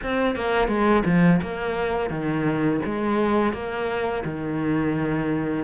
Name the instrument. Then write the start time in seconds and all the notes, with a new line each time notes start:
cello
0.02 C4
0.35 A#3
0.67 G#3
1.05 F3
1.41 A#3
2.10 D#3
2.85 G#3
3.53 A#3
4.24 D#3